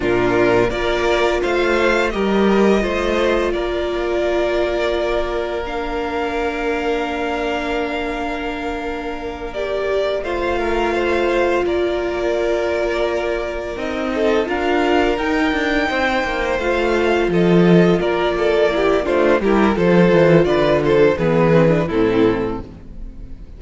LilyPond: <<
  \new Staff \with { instrumentName = "violin" } { \time 4/4 \tempo 4 = 85 ais'4 d''4 f''4 dis''4~ | dis''4 d''2. | f''1~ | f''4. d''4 f''4.~ |
f''8 d''2. dis''8~ | dis''8 f''4 g''2 f''8~ | f''8 dis''4 d''4. c''8 ais'8 | c''4 d''8 c''8 b'4 a'4 | }
  \new Staff \with { instrumentName = "violin" } { \time 4/4 f'4 ais'4 c''4 ais'4 | c''4 ais'2.~ | ais'1~ | ais'2~ ais'8 c''8 ais'8 c''8~ |
c''8 ais'2.~ ais'8 | a'8 ais'2 c''4.~ | c''8 a'4 ais'8 a'8 g'8 f'8 g'8 | a'4 b'8 a'8 gis'4 e'4 | }
  \new Staff \with { instrumentName = "viola" } { \time 4/4 d'4 f'2 g'4 | f'1 | d'1~ | d'4. g'4 f'4.~ |
f'2.~ f'8 dis'8~ | dis'8 f'4 dis'2 f'8~ | f'2~ f'8 e'8 d'8 e'8 | f'2 b8 c'16 d'16 c'4 | }
  \new Staff \with { instrumentName = "cello" } { \time 4/4 ais,4 ais4 a4 g4 | a4 ais2.~ | ais1~ | ais2~ ais8 a4.~ |
a8 ais2. c'8~ | c'8 d'4 dis'8 d'8 c'8 ais8 a8~ | a8 f4 ais4. a8 g8 | f8 e8 d4 e4 a,4 | }
>>